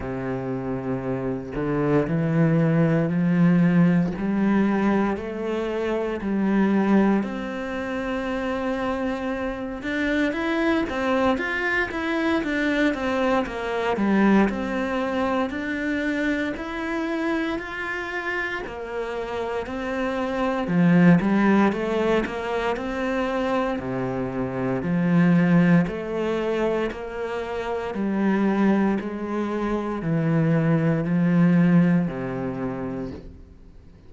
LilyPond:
\new Staff \with { instrumentName = "cello" } { \time 4/4 \tempo 4 = 58 c4. d8 e4 f4 | g4 a4 g4 c'4~ | c'4. d'8 e'8 c'8 f'8 e'8 | d'8 c'8 ais8 g8 c'4 d'4 |
e'4 f'4 ais4 c'4 | f8 g8 a8 ais8 c'4 c4 | f4 a4 ais4 g4 | gis4 e4 f4 c4 | }